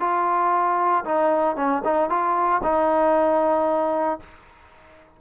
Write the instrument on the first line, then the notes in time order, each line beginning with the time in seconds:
trombone
0.00 F4
1.05 D#4
1.56 C#4
1.85 D#4
2.09 F4
2.63 D#4